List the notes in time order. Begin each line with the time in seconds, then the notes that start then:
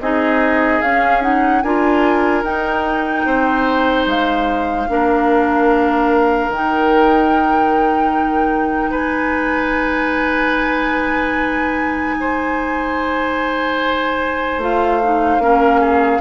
0.00 C4 D#4 G#4 D#5
0.81 C#4 F5
1.21 D#4 F#5
1.62 D4 F4 A#4 G#5
2.43 D#4 G5
3.25 C4 C5
4.06 G#3 F5
4.88 A#3 D4 A#4
6.49 D#3 D#4 G5
8.91 G#3 B4 G#5
12.20 C5
14.57 A3 F4 F5
15.03 D#4
15.38 A#3 C#4 A#4
15.80 G#4